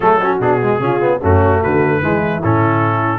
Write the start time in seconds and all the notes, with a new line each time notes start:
0.00 F#3 A3 G#4 A4
0.21 C#4 F#4
0.39 B2 D4 G#4
0.61 G#3
0.79 C#3 C#4 F4
1.00 B3
1.19 F#2 A3 C#4 F#4
1.60 D3 F#4 B4
2.02 E3 G#3 E4
2.43 A2 C#4 A4